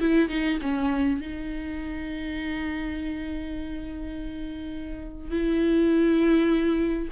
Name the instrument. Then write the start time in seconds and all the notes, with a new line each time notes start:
viola
0.00 E4
0.29 D#4
0.62 C#4
1.21 D#4
5.31 E4